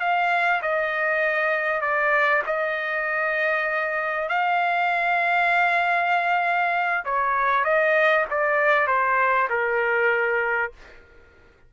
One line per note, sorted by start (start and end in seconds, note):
0.00 0.61 F5
0.62 1.81 D#5
1.81 2.42 D5
2.46 4.29 D#5
4.29 7.04 F5
7.05 7.64 C#5
7.64 8.26 D#5
8.30 8.87 D5
8.87 9.48 C5
9.50 10.72 A#4